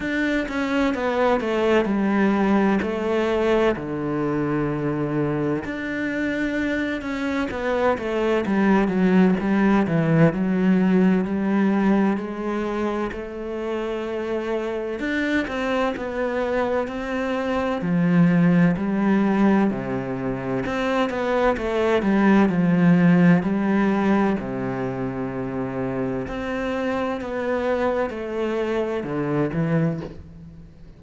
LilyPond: \new Staff \with { instrumentName = "cello" } { \time 4/4 \tempo 4 = 64 d'8 cis'8 b8 a8 g4 a4 | d2 d'4. cis'8 | b8 a8 g8 fis8 g8 e8 fis4 | g4 gis4 a2 |
d'8 c'8 b4 c'4 f4 | g4 c4 c'8 b8 a8 g8 | f4 g4 c2 | c'4 b4 a4 d8 e8 | }